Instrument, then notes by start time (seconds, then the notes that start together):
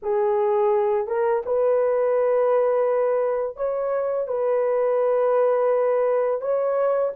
horn
0.02 G#4
1.07 A#4
1.45 B4
3.56 C#5
4.27 B4
6.41 C#5